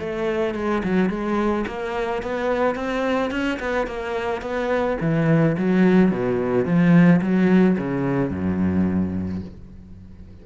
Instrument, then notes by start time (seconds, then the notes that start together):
cello
0.00 A3
0.55 G#3
0.84 F#3
1.10 G#3
1.67 A#3
2.23 B3
2.76 C4
3.31 C#4
3.60 B3
3.87 A#3
4.42 B3
5.01 E3
5.58 F#3
6.12 B2
6.65 F3
7.22 F#3
7.78 C#3
8.31 F#2